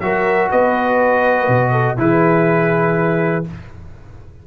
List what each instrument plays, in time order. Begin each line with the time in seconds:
0.00 tuba F#3, trombone F#4, horn A#4, trumpet E5
0.50 tuba B3, horn B4, trumpet D#5
1.48 tuba B2
1.72 horn A4
1.97 tuba E3, trombone E4, horn G#4, trumpet B4